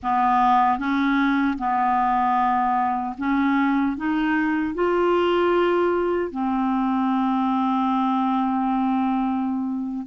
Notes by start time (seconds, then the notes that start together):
0.03 B3
0.78 C#4
1.58 B3
3.18 C#4
3.97 D#4
4.74 F4
6.31 C4